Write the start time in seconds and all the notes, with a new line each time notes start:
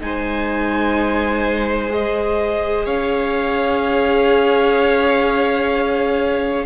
0.00 G#3 D#4 C5 G#5
1.89 G#4 D#5
2.85 C#4 C#5 F5